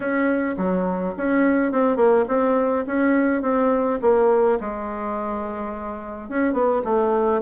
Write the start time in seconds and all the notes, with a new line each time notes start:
0.00 C#4
0.57 F#3
1.17 C#4
1.72 C4
1.96 A#3
2.28 C4
2.86 C#4
3.42 C4
4.01 A#3
4.60 G#3
6.29 C#4
6.53 B3
6.84 A3